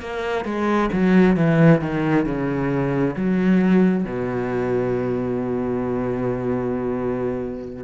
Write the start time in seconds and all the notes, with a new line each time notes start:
0.00 A#3
0.44 G#3
0.92 F#3
1.36 E3
1.81 D#3
2.25 C#3
3.15 F#3
4.05 B2